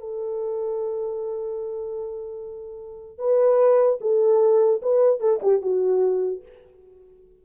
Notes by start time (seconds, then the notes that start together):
0.00 A4
3.19 B4
4.01 A4
4.82 B4
5.21 A4
5.43 G4
5.62 F#4